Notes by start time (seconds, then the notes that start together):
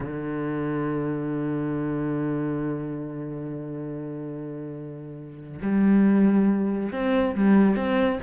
0.00 D3
5.62 G3
6.91 C4
7.35 G3
7.76 C4